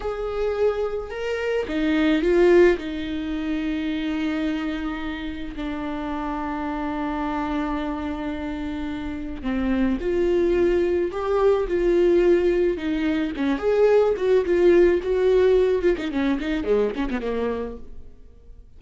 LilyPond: \new Staff \with { instrumentName = "viola" } { \time 4/4 \tempo 4 = 108 gis'2 ais'4 dis'4 | f'4 dis'2.~ | dis'2 d'2~ | d'1~ |
d'4 c'4 f'2 | g'4 f'2 dis'4 | cis'8 gis'4 fis'8 f'4 fis'4~ | fis'8 f'16 dis'16 cis'8 dis'8 gis8 cis'16 b16 ais4 | }